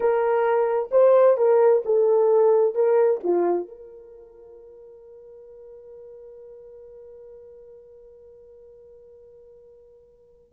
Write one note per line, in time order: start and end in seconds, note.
0.00 0.89 A#4
0.91 1.37 C5
1.37 1.82 A#4
1.85 2.74 A4
2.74 3.20 A#4
3.23 3.68 F4
3.68 10.52 A#4